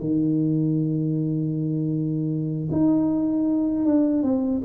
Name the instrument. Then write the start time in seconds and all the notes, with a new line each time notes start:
tuba
0.00 D#3
2.72 D#4
3.85 D4
4.23 C4